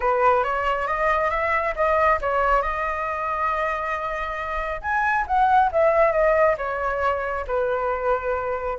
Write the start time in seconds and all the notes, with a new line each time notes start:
0.00 B4
0.43 C#5
0.87 D#5
1.30 E5
1.75 D#5
2.21 C#5
2.62 D#5
4.81 G#5
5.27 F#5
5.72 E5
6.12 D#5
6.57 C#5
7.47 B4